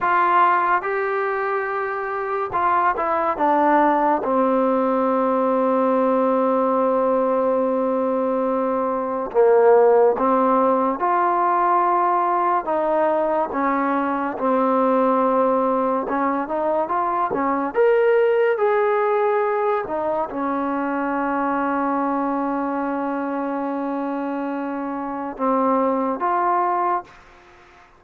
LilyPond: \new Staff \with { instrumentName = "trombone" } { \time 4/4 \tempo 4 = 71 f'4 g'2 f'8 e'8 | d'4 c'2.~ | c'2. ais4 | c'4 f'2 dis'4 |
cis'4 c'2 cis'8 dis'8 | f'8 cis'8 ais'4 gis'4. dis'8 | cis'1~ | cis'2 c'4 f'4 | }